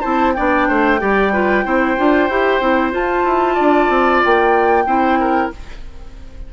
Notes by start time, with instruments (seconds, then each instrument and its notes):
0.00 bassoon C4, clarinet E4, oboe C5, flute A5
0.33 bassoon B3, clarinet D4, oboe D5, flute G5
0.68 bassoon A3, oboe C5
0.99 bassoon G3, clarinet G4, oboe D5
1.32 clarinet F4, oboe B4
1.64 bassoon C4, clarinet E4, oboe C5
1.96 bassoon D4, clarinet F4
2.29 bassoon E4, clarinet G4
2.60 bassoon C4, clarinet E4
2.91 clarinet F4, bassoon F4, flute A5
3.24 bassoon E4
3.54 bassoon D4, oboe D5
3.89 bassoon C4
4.24 bassoon A#3, flute G5
4.85 bassoon C4, clarinet E4, oboe C5
5.20 oboe A#4